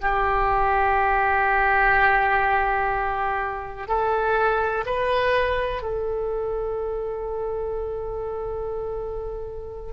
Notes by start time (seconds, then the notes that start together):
0.00 G4
3.87 A4
4.85 B4
5.82 A4